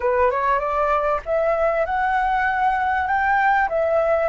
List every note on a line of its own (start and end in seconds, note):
0.00 0.31 B4
0.31 0.59 C#5
0.59 1.20 D5
1.25 1.85 E5
1.85 3.07 F#5
3.07 3.68 G5
3.68 4.29 E5